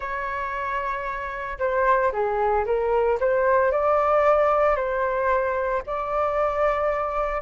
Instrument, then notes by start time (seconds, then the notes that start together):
flute
0.00 C#5
1.58 C5
2.12 G#4
2.65 A#4
3.20 C5
3.71 D5
4.76 C5
5.86 D5